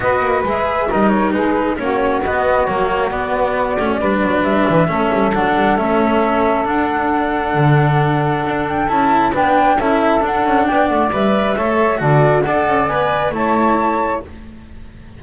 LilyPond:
<<
  \new Staff \with { instrumentName = "flute" } { \time 4/4 \tempo 4 = 135 dis''4 e''4 dis''8 cis''8 b'4 | cis''4 dis''4 cis''4 d''4~ | d''2 e''2 | fis''4 e''2 fis''4~ |
fis''2.~ fis''8 g''8 | a''4 g''4 e''4 fis''4 | g''8 fis''8 e''2 d''4 | fis''4 gis''4 a''2 | }
  \new Staff \with { instrumentName = "saxophone" } { \time 4/4 b'2 ais'4 gis'4 | fis'1~ | fis'4 b'2 a'4~ | a'1~ |
a'1~ | a'4 b'4 a'2 | d''2 cis''4 a'4 | d''2 cis''2 | }
  \new Staff \with { instrumentName = "cello" } { \time 4/4 fis'4 gis'4 dis'2 | cis'4 b4 ais4 b4~ | b8 cis'8 d'2 cis'4 | d'4 cis'2 d'4~ |
d'1 | e'4 d'4 e'4 d'4~ | d'4 b'4 a'4 fis'4 | a'4 b'4 e'2 | }
  \new Staff \with { instrumentName = "double bass" } { \time 4/4 b8 ais8 gis4 g4 gis4 | ais4 b4 fis4 b4~ | b8 a8 g8 fis8 g8 e8 a8 g8 | fis8 g8 a2 d'4~ |
d'4 d2 d'4 | cis'4 b4 cis'4 d'8 cis'8 | b8 a8 g4 a4 d4 | d'8 cis'8 b4 a2 | }
>>